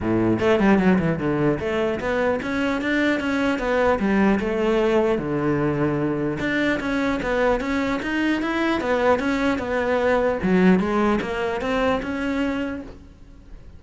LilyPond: \new Staff \with { instrumentName = "cello" } { \time 4/4 \tempo 4 = 150 a,4 a8 g8 fis8 e8 d4 | a4 b4 cis'4 d'4 | cis'4 b4 g4 a4~ | a4 d2. |
d'4 cis'4 b4 cis'4 | dis'4 e'4 b4 cis'4 | b2 fis4 gis4 | ais4 c'4 cis'2 | }